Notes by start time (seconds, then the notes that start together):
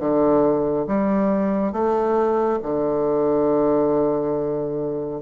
0.00 D3
0.87 G3
1.73 A3
2.63 D3